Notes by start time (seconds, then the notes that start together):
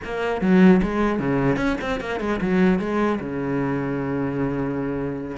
0.04 A#3
0.41 F#3
0.82 G#3
1.19 C#3
1.56 C#4
1.81 C4
2.00 A#3
2.20 G#3
2.41 F#3
2.79 G#3
3.20 C#3